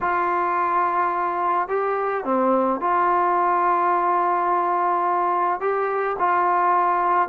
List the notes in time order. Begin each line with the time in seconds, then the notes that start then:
0.01 F4
1.68 G4
2.24 C4
2.80 F4
5.60 G4
6.19 F4